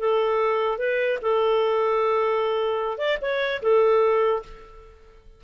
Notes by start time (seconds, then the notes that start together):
0.00 A4
0.79 B4
1.22 A4
2.98 D5
3.22 C#5
3.63 A4